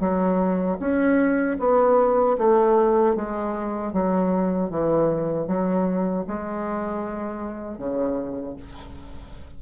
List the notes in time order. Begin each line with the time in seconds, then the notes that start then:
0.00 F#3
0.80 C#4
1.59 B3
2.38 A3
3.16 G#3
3.93 F#3
4.70 E3
5.47 F#3
6.27 G#3
7.78 C#3